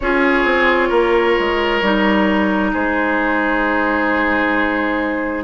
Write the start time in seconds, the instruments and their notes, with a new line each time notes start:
0.00 bassoon C#4, clarinet F4, oboe G#4, flute C#5
0.44 bassoon C4
0.88 bassoon A#3, oboe A#4
1.39 bassoon G#3
1.81 bassoon G3, clarinet D#4
2.72 bassoon G#3, oboe G#4, flute C5